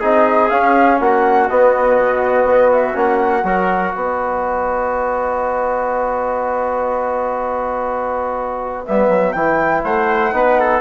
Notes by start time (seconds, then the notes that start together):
0.00 C4 D#4 G#4 D#5
0.49 C#4 F5
0.99 A#3 F#4 F#5
1.48 B3 D#5
1.96 B2
2.44 B3
2.72 E5
2.93 A#3 C#4 F#5
3.43 F#3 F#4 A#4
3.94 B3 B4 D#5
8.86 G3 B3 E5
9.08 F#3
9.32 E3 E4 G5
9.83 A3 C5 F#5
10.32 B3 D#4 B4
10.59 A4